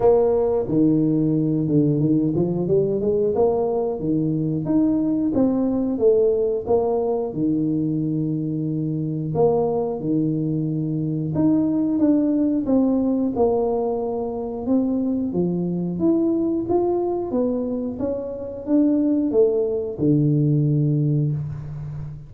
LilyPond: \new Staff \with { instrumentName = "tuba" } { \time 4/4 \tempo 4 = 90 ais4 dis4. d8 dis8 f8 | g8 gis8 ais4 dis4 dis'4 | c'4 a4 ais4 dis4~ | dis2 ais4 dis4~ |
dis4 dis'4 d'4 c'4 | ais2 c'4 f4 | e'4 f'4 b4 cis'4 | d'4 a4 d2 | }